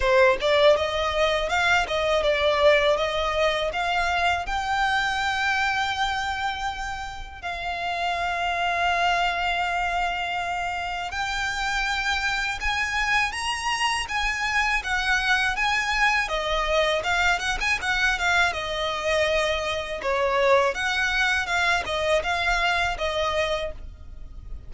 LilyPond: \new Staff \with { instrumentName = "violin" } { \time 4/4 \tempo 4 = 81 c''8 d''8 dis''4 f''8 dis''8 d''4 | dis''4 f''4 g''2~ | g''2 f''2~ | f''2. g''4~ |
g''4 gis''4 ais''4 gis''4 | fis''4 gis''4 dis''4 f''8 fis''16 gis''16 | fis''8 f''8 dis''2 cis''4 | fis''4 f''8 dis''8 f''4 dis''4 | }